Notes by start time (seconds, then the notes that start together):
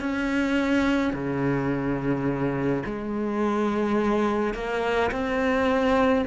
0.00 C#4
1.13 C#3
2.86 G#3
4.54 A#3
5.11 C4